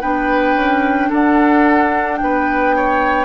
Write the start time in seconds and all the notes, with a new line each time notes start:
0.00 B3 D4 B4 G5
0.55 C#4
1.10 D4 A4 F#5
2.17 B3 B4 G5
2.76 C#5